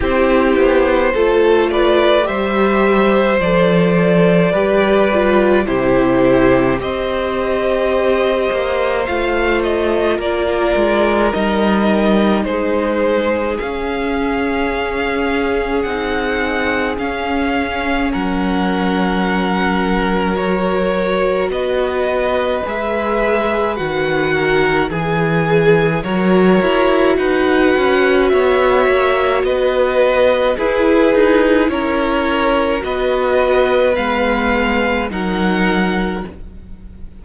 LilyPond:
<<
  \new Staff \with { instrumentName = "violin" } { \time 4/4 \tempo 4 = 53 c''4. d''8 e''4 d''4~ | d''4 c''4 dis''2 | f''8 dis''8 d''4 dis''4 c''4 | f''2 fis''4 f''4 |
fis''2 cis''4 dis''4 | e''4 fis''4 gis''4 cis''4 | fis''4 e''4 dis''4 b'4 | cis''4 dis''4 f''4 fis''4 | }
  \new Staff \with { instrumentName = "violin" } { \time 4/4 g'4 a'8 b'8 c''2 | b'4 g'4 c''2~ | c''4 ais'2 gis'4~ | gis'1 |
ais'2. b'4~ | b'4. ais'8 gis'4 ais'4 | b'4 cis''4 b'4 gis'4 | ais'4 b'2 ais'4 | }
  \new Staff \with { instrumentName = "viola" } { \time 4/4 e'4 f'4 g'4 a'4 | g'8 f'8 e'4 g'2 | f'2 dis'2 | cis'2 dis'4 cis'4~ |
cis'2 fis'2 | gis'4 fis'4 gis'4 fis'4~ | fis'2. e'4~ | e'4 fis'4 b4 dis'4 | }
  \new Staff \with { instrumentName = "cello" } { \time 4/4 c'8 b8 a4 g4 f4 | g4 c4 c'4. ais8 | a4 ais8 gis8 g4 gis4 | cis'2 c'4 cis'4 |
fis2. b4 | gis4 dis4 e4 fis8 e'8 | dis'8 cis'8 b8 ais8 b4 e'8 dis'8 | cis'4 b4 gis4 fis4 | }
>>